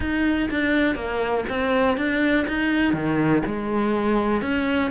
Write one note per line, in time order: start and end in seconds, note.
0.00 0.49 D#4
0.50 0.95 D4
0.95 1.44 A#3
1.49 1.97 C4
1.97 2.46 D4
2.47 2.93 D#4
2.93 3.42 D#3
3.46 4.41 G#3
4.41 4.90 C#4